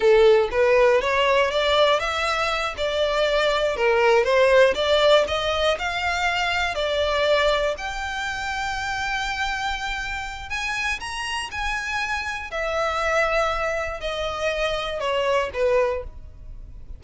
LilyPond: \new Staff \with { instrumentName = "violin" } { \time 4/4 \tempo 4 = 120 a'4 b'4 cis''4 d''4 | e''4. d''2 ais'8~ | ais'8 c''4 d''4 dis''4 f''8~ | f''4. d''2 g''8~ |
g''1~ | g''4 gis''4 ais''4 gis''4~ | gis''4 e''2. | dis''2 cis''4 b'4 | }